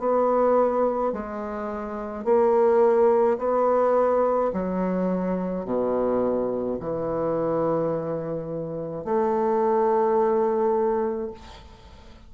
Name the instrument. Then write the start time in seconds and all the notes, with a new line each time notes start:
bassoon
0.00 B3
1.13 G#3
2.25 A#3
3.39 B3
4.53 F#3
5.66 B2
6.80 E3
9.05 A3